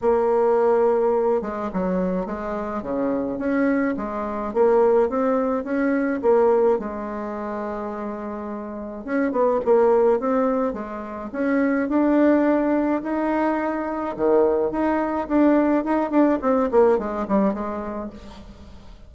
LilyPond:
\new Staff \with { instrumentName = "bassoon" } { \time 4/4 \tempo 4 = 106 ais2~ ais8 gis8 fis4 | gis4 cis4 cis'4 gis4 | ais4 c'4 cis'4 ais4 | gis1 |
cis'8 b8 ais4 c'4 gis4 | cis'4 d'2 dis'4~ | dis'4 dis4 dis'4 d'4 | dis'8 d'8 c'8 ais8 gis8 g8 gis4 | }